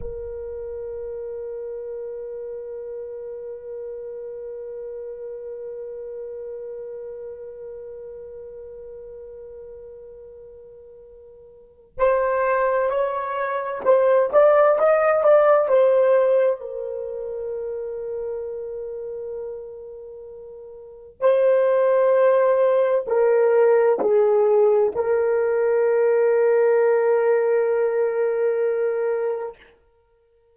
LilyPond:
\new Staff \with { instrumentName = "horn" } { \time 4/4 \tempo 4 = 65 ais'1~ | ais'1~ | ais'1~ | ais'4 c''4 cis''4 c''8 d''8 |
dis''8 d''8 c''4 ais'2~ | ais'2. c''4~ | c''4 ais'4 gis'4 ais'4~ | ais'1 | }